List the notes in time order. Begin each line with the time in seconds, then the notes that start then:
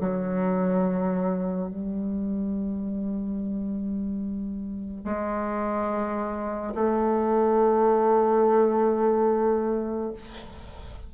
0.00 F#3
1.68 G3
5.05 G#3
6.75 A3